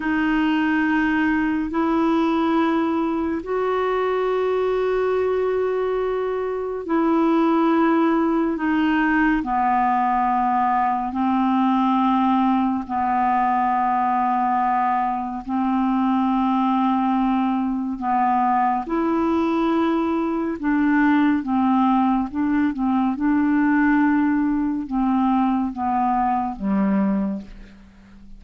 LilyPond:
\new Staff \with { instrumentName = "clarinet" } { \time 4/4 \tempo 4 = 70 dis'2 e'2 | fis'1 | e'2 dis'4 b4~ | b4 c'2 b4~ |
b2 c'2~ | c'4 b4 e'2 | d'4 c'4 d'8 c'8 d'4~ | d'4 c'4 b4 g4 | }